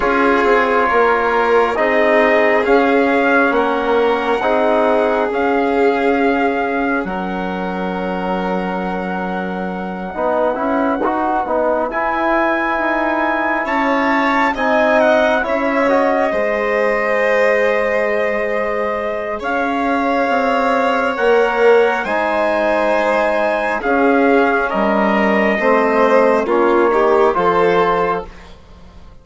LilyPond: <<
  \new Staff \with { instrumentName = "trumpet" } { \time 4/4 \tempo 4 = 68 cis''2 dis''4 f''4 | fis''2 f''2 | fis''1~ | fis''4. gis''2 a''8~ |
a''8 gis''8 fis''8 e''8 dis''2~ | dis''2 f''2 | fis''4 gis''2 f''4 | dis''2 cis''4 c''4 | }
  \new Staff \with { instrumentName = "violin" } { \time 4/4 gis'4 ais'4 gis'2 | ais'4 gis'2. | ais'2.~ ais'8 b'8~ | b'2.~ b'8 cis''8~ |
cis''8 dis''4 cis''4 c''4.~ | c''2 cis''2~ | cis''4 c''2 gis'4 | ais'4 c''4 f'8 g'8 a'4 | }
  \new Staff \with { instrumentName = "trombone" } { \time 4/4 f'2 dis'4 cis'4~ | cis'4 dis'4 cis'2~ | cis'2.~ cis'8 dis'8 | e'8 fis'8 dis'8 e'2~ e'8~ |
e'8 dis'4 e'8 fis'8 gis'4.~ | gis'1 | ais'4 dis'2 cis'4~ | cis'4 c'4 cis'8 dis'8 f'4 | }
  \new Staff \with { instrumentName = "bassoon" } { \time 4/4 cis'8 c'8 ais4 c'4 cis'4 | ais4 c'4 cis'2 | fis2.~ fis8 b8 | cis'8 dis'8 b8 e'4 dis'4 cis'8~ |
cis'8 c'4 cis'4 gis4.~ | gis2 cis'4 c'4 | ais4 gis2 cis'4 | g4 a4 ais4 f4 | }
>>